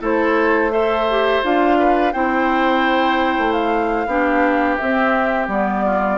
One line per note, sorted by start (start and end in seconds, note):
0.00 1.42 A3
0.00 0.70 E4
0.00 0.72 A4
0.00 0.72 C5
0.70 1.06 A4
0.70 1.78 C5
0.70 1.42 E5
1.10 1.43 G4
1.43 2.14 D4
1.43 2.13 F4
1.43 2.12 F5
1.78 2.13 B4
2.12 3.37 C4
2.12 4.07 E4
2.12 4.07 C5
2.12 3.52 G5
3.38 4.06 A3
3.52 4.76 F5
4.06 4.76 B3
4.06 4.79 D4
4.06 5.85 G4
4.76 5.49 C4
4.76 5.47 C4
4.76 5.47 E5
5.47 6.18 G3
5.47 6.18 B3
5.47 6.18 D5
5.85 6.18 F4